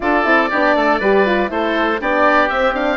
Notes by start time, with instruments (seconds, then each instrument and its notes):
0.00 bassoon D4, horn F4, oboe A4 D5
0.24 bassoon C4, horn E4
0.50 bassoon B3, horn D4, oboe G4
0.75 bassoon A3, oboe A4
1.00 bassoon G3, horn G4, oboe B4
1.26 horn F4
1.47 bassoon A3, horn E4, oboe A4 C5
2.00 bassoon B3, horn D4, oboe G4 D5
2.49 bassoon C4, horn C4, oboe E5
2.74 horn D4, oboe F5